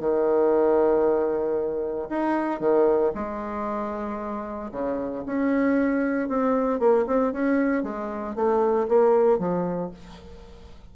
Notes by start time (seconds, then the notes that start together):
0.00 D#3
2.09 D#4
2.60 D#3
3.15 G#3
4.71 C#3
5.26 C#4
6.29 C4
6.79 A#3
7.06 C4
7.32 C#4
7.83 G#3
8.35 A3
8.88 A#3
9.38 F3